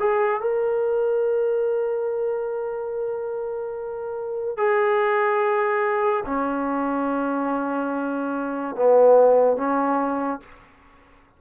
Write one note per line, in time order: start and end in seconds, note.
0.00 0.41 G#4
0.41 4.58 A#4
4.58 6.24 G#4
6.26 8.76 C#4
8.76 9.57 B3
9.57 10.41 C#4